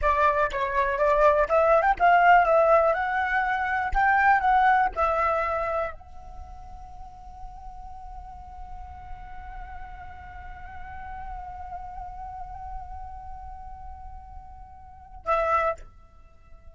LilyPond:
\new Staff \with { instrumentName = "flute" } { \time 4/4 \tempo 4 = 122 d''4 cis''4 d''4 e''8. g''16 | f''4 e''4 fis''2 | g''4 fis''4 e''2 | fis''1~ |
fis''1~ | fis''1~ | fis''1~ | fis''2. e''4 | }